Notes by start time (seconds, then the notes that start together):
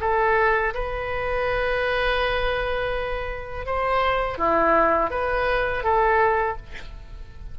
0.00 A4
0.74 B4
3.66 C5
4.38 E4
5.10 B4
5.83 A4